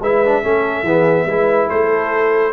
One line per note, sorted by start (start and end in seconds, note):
0.00 0.42 G#3
0.00 0.24 E4
0.00 0.43 B4
0.00 1.69 E5
0.25 0.43 D4
0.43 0.83 A3
0.43 0.85 C#4
0.43 0.84 A4
0.83 1.25 E3
0.83 1.28 B3
0.83 1.26 G#4
1.26 1.68 G#3
1.26 2.53 E4
1.26 1.68 B4
1.68 2.53 A3
1.68 2.52 A4
1.68 2.53 C5